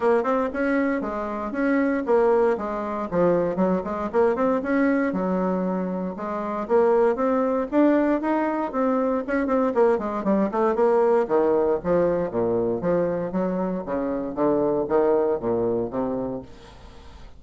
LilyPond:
\new Staff \with { instrumentName = "bassoon" } { \time 4/4 \tempo 4 = 117 ais8 c'8 cis'4 gis4 cis'4 | ais4 gis4 f4 fis8 gis8 | ais8 c'8 cis'4 fis2 | gis4 ais4 c'4 d'4 |
dis'4 c'4 cis'8 c'8 ais8 gis8 | g8 a8 ais4 dis4 f4 | ais,4 f4 fis4 cis4 | d4 dis4 ais,4 c4 | }